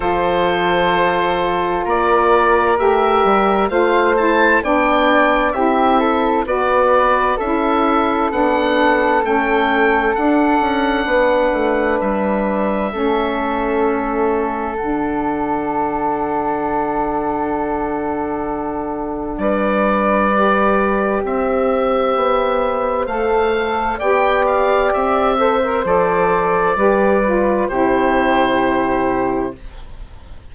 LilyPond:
<<
  \new Staff \with { instrumentName = "oboe" } { \time 4/4 \tempo 4 = 65 c''2 d''4 e''4 | f''8 a''8 g''4 e''4 d''4 | e''4 fis''4 g''4 fis''4~ | fis''4 e''2. |
fis''1~ | fis''4 d''2 e''4~ | e''4 f''4 g''8 f''8 e''4 | d''2 c''2 | }
  \new Staff \with { instrumentName = "flute" } { \time 4/4 a'2 ais'2 | c''4 d''4 g'8 a'8 b'4 | a'1 | b'2 a'2~ |
a'1~ | a'4 b'2 c''4~ | c''2 d''4. c''8~ | c''4 b'4 g'2 | }
  \new Staff \with { instrumentName = "saxophone" } { \time 4/4 f'2. g'4 | f'8 e'8 d'4 e'4 fis'4 | e'4 d'4 cis'4 d'4~ | d'2 cis'2 |
d'1~ | d'2 g'2~ | g'4 a'4 g'4. a'16 ais'16 | a'4 g'8 f'8 e'2 | }
  \new Staff \with { instrumentName = "bassoon" } { \time 4/4 f2 ais4 a8 g8 | a4 b4 c'4 b4 | cis'4 b4 a4 d'8 cis'8 | b8 a8 g4 a2 |
d1~ | d4 g2 c'4 | b4 a4 b4 c'4 | f4 g4 c2 | }
>>